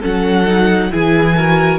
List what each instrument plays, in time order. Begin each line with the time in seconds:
0.00 cello F#3, viola C#4, violin A4 F#5
0.47 viola D#4
0.91 cello E3, viola E4, violin G#4 G#5
1.36 viola F#4, violin A#4